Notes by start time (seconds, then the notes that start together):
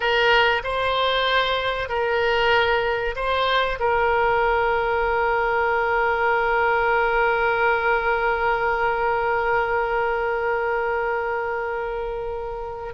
0.00 A#4
0.63 C5
1.89 A#4
3.15 C5
3.79 A#4